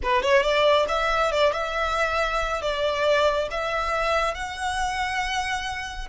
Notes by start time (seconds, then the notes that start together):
0.02 B4
0.22 C#5
0.42 D5
0.88 E5
1.31 D5
1.53 E5
2.61 D5
3.50 E5
4.34 F#5